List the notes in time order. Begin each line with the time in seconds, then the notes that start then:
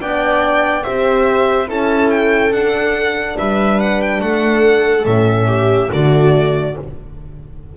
0.00 B3 D4 D5 G5
0.84 C4 G4 C5 E5
1.67 C#4 E4 A4 A5
2.11 G5
2.52 D4 F#5
3.39 G3 B4 E5
3.80 F#5
4.02 G5
4.21 A3 A4 F#5
5.05 A2 C#4 E5
5.47 G4
5.91 D3 A3 F#4 D5